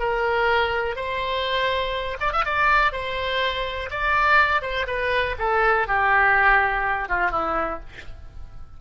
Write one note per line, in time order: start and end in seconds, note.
0.00 0.96 A#4
0.96 2.18 C5
2.21 2.33 D5
2.33 2.45 E5
2.45 2.92 D5
2.92 3.90 C5
3.91 4.62 D5
4.62 4.86 C5
4.87 5.36 B4
5.39 5.88 A4
5.88 7.09 G4
7.09 7.31 F4
7.31 7.80 E4